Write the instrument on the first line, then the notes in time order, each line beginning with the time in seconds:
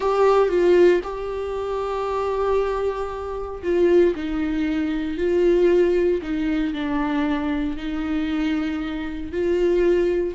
viola
0.00 G4
0.48 F4
1.03 G4
3.62 F4
4.15 D#4
5.17 F4
6.21 D#4
6.73 D4
7.76 D#4
9.32 F4